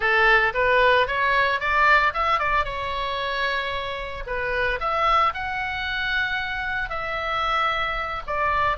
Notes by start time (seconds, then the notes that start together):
0.00 A4
0.54 B4
1.07 C#5
1.60 D5
2.13 E5
2.39 D5
2.65 C#5
4.26 B4
4.80 E5
5.33 F#5
6.89 E5
8.27 D5